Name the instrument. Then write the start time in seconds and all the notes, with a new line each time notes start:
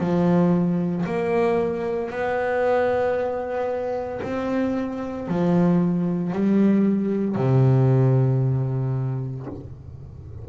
double bass
0.00 F3
1.06 A#3
2.11 B3
4.23 C4
5.28 F3
6.33 G3
7.36 C3